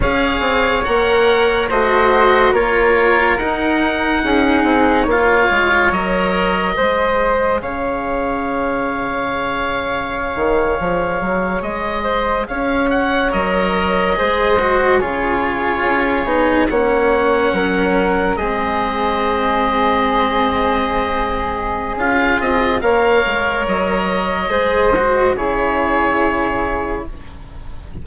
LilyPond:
<<
  \new Staff \with { instrumentName = "oboe" } { \time 4/4 \tempo 4 = 71 f''4 fis''4 dis''4 cis''4 | fis''2 f''4 dis''4~ | dis''4 f''2.~ | f''4.~ f''16 dis''4 f''8 fis''8 dis''16~ |
dis''4.~ dis''16 cis''2 fis''16~ | fis''4.~ fis''16 dis''2~ dis''16~ | dis''2 f''8 dis''8 f''4 | dis''2 cis''2 | }
  \new Staff \with { instrumentName = "flute" } { \time 4/4 cis''2 c''4 ais'4~ | ais'4 gis'4 cis''2 | c''4 cis''2.~ | cis''2~ cis''16 c''8 cis''4~ cis''16~ |
cis''8. c''4 gis'2 cis''16~ | cis''8. ais'4 gis'2~ gis'16~ | gis'2. cis''4~ | cis''4 c''4 gis'2 | }
  \new Staff \with { instrumentName = "cello" } { \time 4/4 gis'4 ais'4 fis'4 f'4 | dis'2 f'4 ais'4 | gis'1~ | gis'2.~ gis'8. ais'16~ |
ais'8. gis'8 fis'8 f'4. dis'8 cis'16~ | cis'4.~ cis'16 c'2~ c'16~ | c'2 f'4 ais'4~ | ais'4 gis'8 fis'8 e'2 | }
  \new Staff \with { instrumentName = "bassoon" } { \time 4/4 cis'8 c'8 ais4 a4 ais4 | dis'4 cis'8 c'8 ais8 gis8 fis4 | gis4 cis2.~ | cis16 dis8 f8 fis8 gis4 cis'4 fis16~ |
fis8. gis4 cis4 cis'8 b8 ais16~ | ais8. fis4 gis2~ gis16~ | gis2 cis'8 c'8 ais8 gis8 | fis4 gis4 cis2 | }
>>